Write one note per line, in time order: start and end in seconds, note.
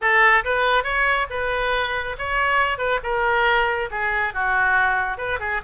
0.01 0.44 A4
0.44 0.83 B4
0.83 1.27 C#5
1.30 2.16 B4
2.18 2.77 C#5
2.77 2.99 B4
3.03 3.89 A#4
3.91 4.33 G#4
4.33 5.17 F#4
5.17 5.39 B4
5.39 5.61 G#4